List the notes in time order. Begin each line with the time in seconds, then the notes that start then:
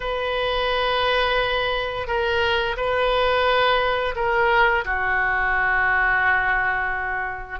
0.00 B4
2.07 A#4
2.76 B4
4.15 A#4
4.84 F#4